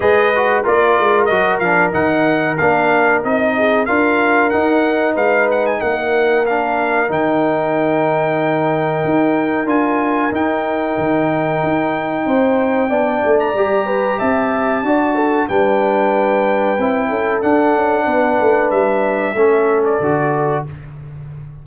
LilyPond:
<<
  \new Staff \with { instrumentName = "trumpet" } { \time 4/4 \tempo 4 = 93 dis''4 d''4 dis''8 f''8 fis''4 | f''4 dis''4 f''4 fis''4 | f''8 fis''16 gis''16 fis''4 f''4 g''4~ | g''2. gis''4 |
g''1~ | g''8. ais''4~ ais''16 a''2 | g''2. fis''4~ | fis''4 e''4.~ e''16 d''4~ d''16 | }
  \new Staff \with { instrumentName = "horn" } { \time 4/4 b'4 ais'2.~ | ais'4. gis'8 ais'2 | b'4 ais'2.~ | ais'1~ |
ais'2. c''4 | d''4. b'8 e''4 d''8 a'8 | b'2~ b'8 a'4. | b'2 a'2 | }
  \new Staff \with { instrumentName = "trombone" } { \time 4/4 gis'8 fis'8 f'4 fis'8 d'8 dis'4 | d'4 dis'4 f'4 dis'4~ | dis'2 d'4 dis'4~ | dis'2. f'4 |
dis'1 | d'4 g'2 fis'4 | d'2 e'4 d'4~ | d'2 cis'4 fis'4 | }
  \new Staff \with { instrumentName = "tuba" } { \time 4/4 gis4 ais8 gis8 fis8 f8 dis4 | ais4 c'4 d'4 dis'4 | gis4 ais2 dis4~ | dis2 dis'4 d'4 |
dis'4 dis4 dis'4 c'4 | b8 a8 g4 c'4 d'4 | g2 c'8 cis'8 d'8 cis'8 | b8 a8 g4 a4 d4 | }
>>